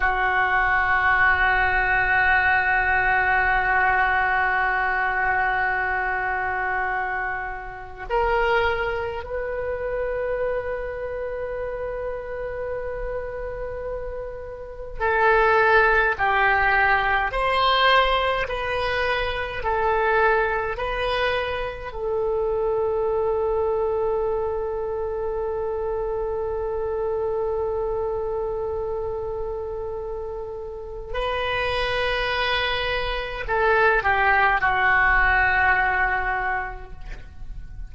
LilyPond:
\new Staff \with { instrumentName = "oboe" } { \time 4/4 \tempo 4 = 52 fis'1~ | fis'2. ais'4 | b'1~ | b'4 a'4 g'4 c''4 |
b'4 a'4 b'4 a'4~ | a'1~ | a'2. b'4~ | b'4 a'8 g'8 fis'2 | }